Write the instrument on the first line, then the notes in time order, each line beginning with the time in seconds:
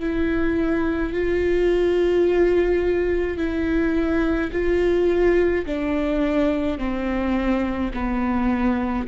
viola
0.00 E4
1.13 F4
3.38 E4
4.52 F4
5.66 D4
6.79 C4
7.95 B3